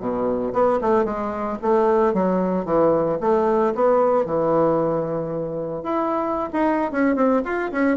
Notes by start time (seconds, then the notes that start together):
0.00 B2
0.53 B3
0.82 A3
1.05 G#3
1.62 A3
2.14 F#3
2.65 E3
3.21 A3
3.75 B3
4.26 E3
5.83 E4
6.53 D#4
6.92 C#4
7.16 C4
7.45 F4
7.72 C#4